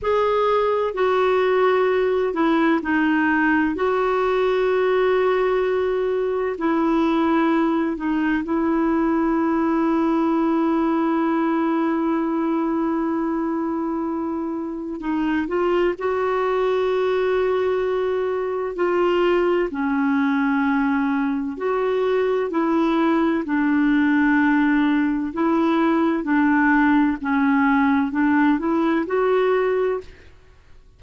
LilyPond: \new Staff \with { instrumentName = "clarinet" } { \time 4/4 \tempo 4 = 64 gis'4 fis'4. e'8 dis'4 | fis'2. e'4~ | e'8 dis'8 e'2.~ | e'1 |
dis'8 f'8 fis'2. | f'4 cis'2 fis'4 | e'4 d'2 e'4 | d'4 cis'4 d'8 e'8 fis'4 | }